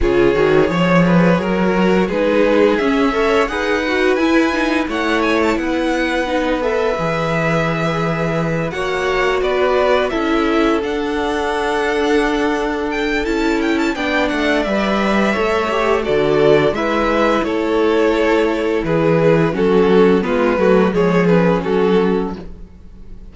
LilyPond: <<
  \new Staff \with { instrumentName = "violin" } { \time 4/4 \tempo 4 = 86 cis''2. b'4 | e''4 fis''4 gis''4 fis''8 gis''16 a''16 | fis''4. e''2~ e''8~ | e''8 fis''4 d''4 e''4 fis''8~ |
fis''2~ fis''8 g''8 a''8 g''16 a''16 | g''8 fis''8 e''2 d''4 | e''4 cis''2 b'4 | a'4 b'4 cis''8 b'8 a'4 | }
  \new Staff \with { instrumentName = "violin" } { \time 4/4 gis'4 cis''8 b'8 ais'4 gis'4~ | gis'8 cis''8 b'2 cis''4 | b'1~ | b'8 cis''4 b'4 a'4.~ |
a'1 | d''2 cis''4 a'4 | b'4 a'2 gis'4 | fis'4 f'8 fis'8 gis'4 fis'4 | }
  \new Staff \with { instrumentName = "viola" } { \time 4/4 f'8 fis'8 gis'4. fis'8 dis'4 | cis'8 a'8 gis'8 fis'8 e'8 dis'8 e'4~ | e'4 dis'8 a'8 gis'2~ | gis'8 fis'2 e'4 d'8~ |
d'2. e'4 | d'4 b'4 a'8 g'8 fis'4 | e'1 | cis'4 b8 a8 gis8 cis'4. | }
  \new Staff \with { instrumentName = "cello" } { \time 4/4 cis8 dis8 f4 fis4 gis4 | cis'4 dis'4 e'4 a4 | b2 e2~ | e8 ais4 b4 cis'4 d'8~ |
d'2. cis'4 | b8 a8 g4 a4 d4 | gis4 a2 e4 | fis4 gis8 fis8 f4 fis4 | }
>>